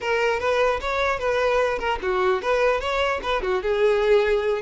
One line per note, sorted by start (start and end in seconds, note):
0.00 0.39 A#4
0.39 0.80 B4
0.80 1.19 C#5
1.19 1.78 B4
1.78 1.98 A#4
2.02 2.42 F#4
2.42 2.80 B4
2.80 3.20 C#5
3.22 3.42 B4
3.42 3.62 F#4
3.62 4.61 G#4